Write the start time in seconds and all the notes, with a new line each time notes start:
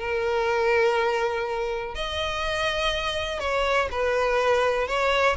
0.00 A#4
1.95 D#5
3.40 C#5
3.92 B4
4.88 C#5